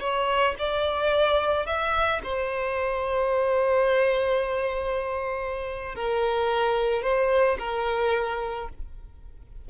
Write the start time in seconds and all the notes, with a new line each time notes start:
0.00 C#5
0.59 D5
1.66 E5
2.24 C5
5.95 A#4
7.02 C5
7.59 A#4